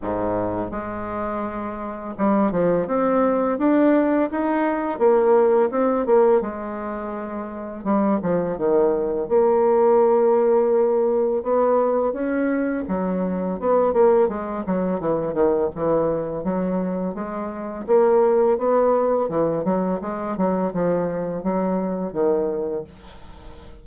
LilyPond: \new Staff \with { instrumentName = "bassoon" } { \time 4/4 \tempo 4 = 84 gis,4 gis2 g8 f8 | c'4 d'4 dis'4 ais4 | c'8 ais8 gis2 g8 f8 | dis4 ais2. |
b4 cis'4 fis4 b8 ais8 | gis8 fis8 e8 dis8 e4 fis4 | gis4 ais4 b4 e8 fis8 | gis8 fis8 f4 fis4 dis4 | }